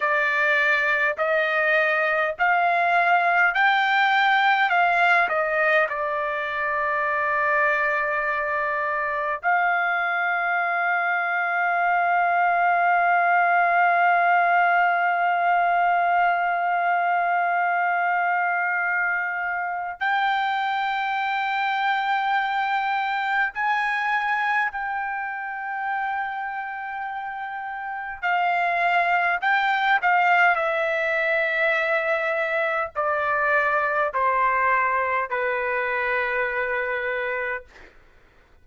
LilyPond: \new Staff \with { instrumentName = "trumpet" } { \time 4/4 \tempo 4 = 51 d''4 dis''4 f''4 g''4 | f''8 dis''8 d''2. | f''1~ | f''1~ |
f''4 g''2. | gis''4 g''2. | f''4 g''8 f''8 e''2 | d''4 c''4 b'2 | }